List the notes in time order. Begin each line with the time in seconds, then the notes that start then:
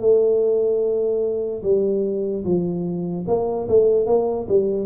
0.00 A3
1.63 G3
2.45 F3
3.27 A#3
3.69 A3
4.07 A#3
4.49 G3